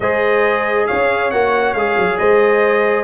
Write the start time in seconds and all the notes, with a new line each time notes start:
0.00 G#3 G#4 C5 D#5
0.86 C#4 C#5 F5
1.30 A#3 F#4 F#5
1.74 G#3 G#4 F5
1.96 F#3
2.18 G#3 C5 D#5